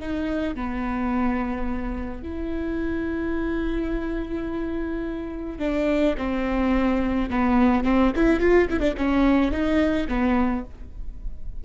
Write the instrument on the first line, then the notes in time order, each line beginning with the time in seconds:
viola
0.00 D#4
0.55 B3
2.23 E4
5.59 D4
6.17 C4
7.30 B3
7.84 C4
8.16 E4
8.40 F4
8.70 E4
8.80 D4
8.98 C#4
9.51 D#4
10.08 B3